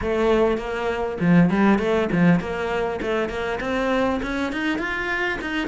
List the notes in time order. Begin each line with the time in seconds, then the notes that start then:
0.01 A3
0.57 A#3
1.20 F3
1.50 G3
1.78 A3
2.12 F3
2.40 A#3
3.01 A3
3.29 A#3
3.60 C4
4.22 C#4
4.52 D#4
4.78 F4
5.41 D#4